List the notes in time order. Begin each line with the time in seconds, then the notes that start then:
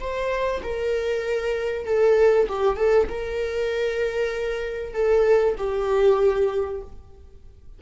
0.00 C5
0.63 A#4
1.86 A4
2.49 G4
2.77 A4
3.09 A#4
4.94 A4
5.58 G4